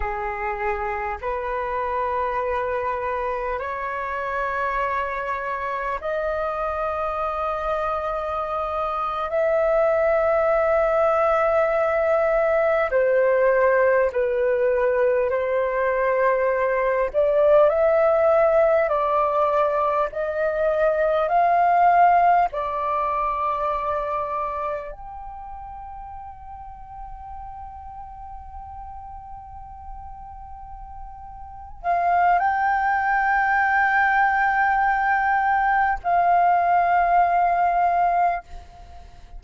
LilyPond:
\new Staff \with { instrumentName = "flute" } { \time 4/4 \tempo 4 = 50 gis'4 b'2 cis''4~ | cis''4 dis''2~ dis''8. e''16~ | e''2~ e''8. c''4 b'16~ | b'8. c''4. d''8 e''4 d''16~ |
d''8. dis''4 f''4 d''4~ d''16~ | d''8. g''2.~ g''16~ | g''2~ g''8 f''8 g''4~ | g''2 f''2 | }